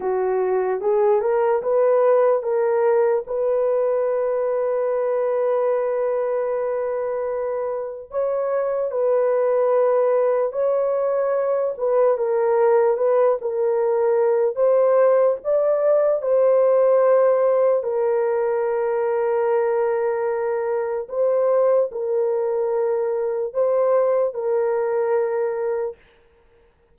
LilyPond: \new Staff \with { instrumentName = "horn" } { \time 4/4 \tempo 4 = 74 fis'4 gis'8 ais'8 b'4 ais'4 | b'1~ | b'2 cis''4 b'4~ | b'4 cis''4. b'8 ais'4 |
b'8 ais'4. c''4 d''4 | c''2 ais'2~ | ais'2 c''4 ais'4~ | ais'4 c''4 ais'2 | }